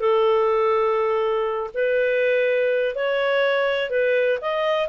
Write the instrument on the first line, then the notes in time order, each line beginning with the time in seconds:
clarinet
0.00 A4
1.74 B4
2.95 C#5
3.90 B4
4.41 D#5